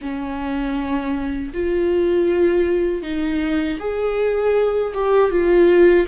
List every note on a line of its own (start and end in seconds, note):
0.01 1.53 C#4
1.53 3.02 F4
3.02 3.78 D#4
3.79 4.93 G#4
4.94 5.30 G4
5.30 6.06 F4